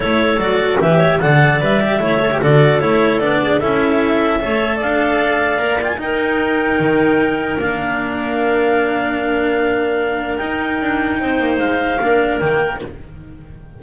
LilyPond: <<
  \new Staff \with { instrumentName = "clarinet" } { \time 4/4 \tempo 4 = 150 cis''4 d''4 e''4 fis''4 | e''2 d''4 cis''4 | d''4 e''2. | f''2~ f''8 g''16 gis''16 g''4~ |
g''2. f''4~ | f''1~ | f''2 g''2~ | g''4 f''2 g''4 | }
  \new Staff \with { instrumentName = "clarinet" } { \time 4/4 a'2 b'8 cis''8 d''4~ | d''4 cis''4 a'2~ | a'8 gis'8 a'2 cis''4 | d''2. ais'4~ |
ais'1~ | ais'1~ | ais'1 | c''2 ais'2 | }
  \new Staff \with { instrumentName = "cello" } { \time 4/4 e'4 fis'4 g'4 a'4 | b'8 g'8 e'8 a'16 g'16 fis'4 e'4 | d'4 e'2 a'4~ | a'2 ais'8 f'8 dis'4~ |
dis'2. d'4~ | d'1~ | d'2 dis'2~ | dis'2 d'4 ais4 | }
  \new Staff \with { instrumentName = "double bass" } { \time 4/4 a4 fis4 e4 d4 | g4 a4 d4 a4 | b4 cis'2 a4 | d'2 ais4 dis'4~ |
dis'4 dis2 ais4~ | ais1~ | ais2 dis'4 d'4 | c'8 ais8 gis4 ais4 dis4 | }
>>